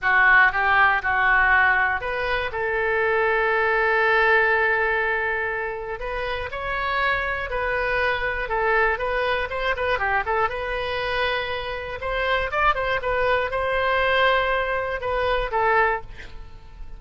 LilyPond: \new Staff \with { instrumentName = "oboe" } { \time 4/4 \tempo 4 = 120 fis'4 g'4 fis'2 | b'4 a'2.~ | a'1 | b'4 cis''2 b'4~ |
b'4 a'4 b'4 c''8 b'8 | g'8 a'8 b'2. | c''4 d''8 c''8 b'4 c''4~ | c''2 b'4 a'4 | }